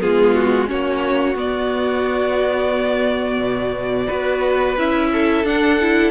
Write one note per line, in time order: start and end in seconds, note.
0.00 0.70 G#3
0.00 0.67 B3
0.00 0.69 F4
0.00 0.35 G#4
0.35 0.69 F#4
0.67 1.35 A#3
0.67 1.35 C#4
0.67 4.07 F#4
0.67 1.37 C#5
1.35 3.39 B3
1.35 4.08 B3
1.35 4.79 D5
3.39 4.07 B2
4.07 4.78 B3
4.07 4.76 F#4
4.07 5.09 B4
4.78 5.44 C#4
4.78 5.45 E4
4.78 5.46 E5
5.12 6.11 A4
5.44 6.11 D4
5.44 5.79 D4
5.44 6.11 F#5
5.82 6.11 E4